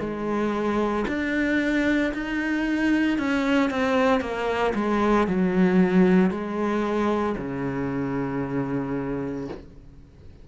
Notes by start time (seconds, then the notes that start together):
0.00 G#3
1.08 D4
2.14 D#4
3.18 C#4
3.70 C4
4.21 A#3
4.75 G#3
5.27 F#3
6.31 G#3
7.37 C#3